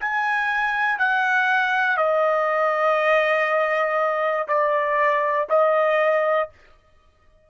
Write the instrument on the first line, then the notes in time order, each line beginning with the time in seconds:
trumpet
0.00 G#5
0.98 F#5
1.97 D#5
4.47 D5
5.50 D#5